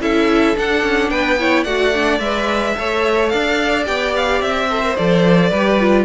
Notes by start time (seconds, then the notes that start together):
0.00 C#4 E4 A4 E5
0.55 D4 F#5
0.82 C#4
1.09 B3 B4 G5
1.39 E4 C#5
1.63 A3 F#4 D5 F#5
1.94 D4
2.19 G#3 B4 E5
2.75 A3 A4 C#5
3.29 D4 D5 F5
3.85 B3 G4 G5
4.15 F5
4.41 C4 E5
4.70 A4 C5
4.82 A#4
4.95 F3 A4 D5
5.49 G3 G4 B4
5.79 F4